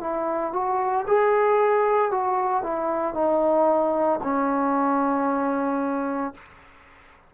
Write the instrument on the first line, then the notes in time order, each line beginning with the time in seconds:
trombone
0.00 E4
0.53 F#4
1.07 G#4
2.11 F#4
2.63 E4
3.14 D#4
4.23 C#4